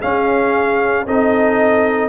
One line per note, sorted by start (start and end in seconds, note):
0.00 1.07 C#4
0.00 1.05 G#4
0.00 1.07 F5
1.07 2.09 C4
1.07 2.09 D#4
1.07 2.09 A4
1.07 2.09 D#5